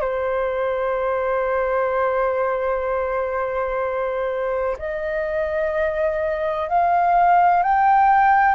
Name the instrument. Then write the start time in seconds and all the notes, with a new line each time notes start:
flute
0.00 C5
4.78 D#5
6.69 F5
7.62 G5